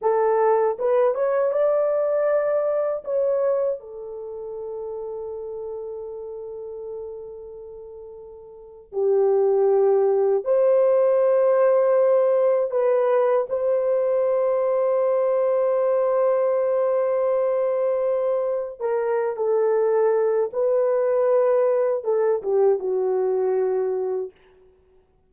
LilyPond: \new Staff \with { instrumentName = "horn" } { \time 4/4 \tempo 4 = 79 a'4 b'8 cis''8 d''2 | cis''4 a'2.~ | a'2.~ a'8. g'16~ | g'4.~ g'16 c''2~ c''16~ |
c''8. b'4 c''2~ c''16~ | c''1~ | c''8. ais'8. a'4. b'4~ | b'4 a'8 g'8 fis'2 | }